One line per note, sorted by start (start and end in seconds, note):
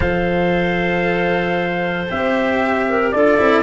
0.00 2.09 F3
0.00 2.09 A4
0.00 2.86 C5
0.00 2.06 F5
2.09 3.13 C4
2.09 3.13 G4
2.09 3.11 E5
2.88 3.14 A#4
3.11 3.39 D4
3.11 3.37 F4
3.11 3.62 A4
3.11 3.62 D5
3.37 3.62 C4
3.37 3.62 E4